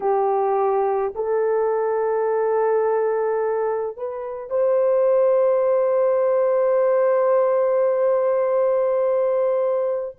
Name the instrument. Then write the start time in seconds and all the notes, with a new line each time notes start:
horn
0.00 G4
1.15 A4
3.96 B4
4.50 C5